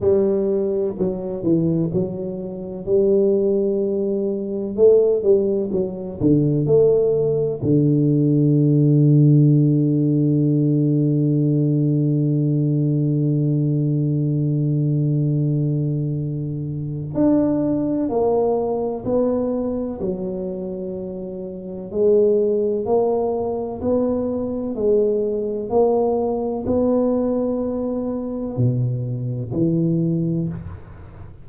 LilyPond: \new Staff \with { instrumentName = "tuba" } { \time 4/4 \tempo 4 = 63 g4 fis8 e8 fis4 g4~ | g4 a8 g8 fis8 d8 a4 | d1~ | d1~ |
d2 d'4 ais4 | b4 fis2 gis4 | ais4 b4 gis4 ais4 | b2 b,4 e4 | }